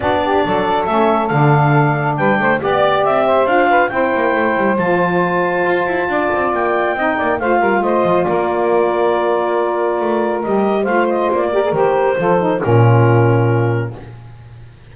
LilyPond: <<
  \new Staff \with { instrumentName = "clarinet" } { \time 4/4 \tempo 4 = 138 d''2 e''4 f''4~ | f''4 g''4 d''4 e''4 | f''4 g''2 a''4~ | a''2. g''4~ |
g''4 f''4 dis''4 d''4~ | d''1 | dis''4 f''8 dis''8 d''4 c''4~ | c''4 ais'2. | }
  \new Staff \with { instrumentName = "saxophone" } { \time 4/4 fis'8 g'8 a'2.~ | a'4 b'8 c''8 d''4. c''8~ | c''8 b'8 c''2.~ | c''2 d''2 |
dis''8 d''8 c''8 ais'8 c''4 ais'4~ | ais'1~ | ais'4 c''4. ais'4. | a'4 f'2. | }
  \new Staff \with { instrumentName = "saxophone" } { \time 4/4 d'2 cis'4 d'4~ | d'2 g'2 | f'4 e'2 f'4~ | f'1 |
dis'4 f'2.~ | f'1 | g'4 f'4. g'16 gis'16 g'4 | f'8 dis'8 cis'2. | }
  \new Staff \with { instrumentName = "double bass" } { \time 4/4 b4 fis4 a4 d4~ | d4 g8 a8 b4 c'4 | d'4 c'8 ais8 a8 g8 f4~ | f4 f'8 e'8 d'8 c'8 ais4 |
c'8 ais8 a8 g8 a8 f8 ais4~ | ais2. a4 | g4 a4 ais4 dis4 | f4 ais,2. | }
>>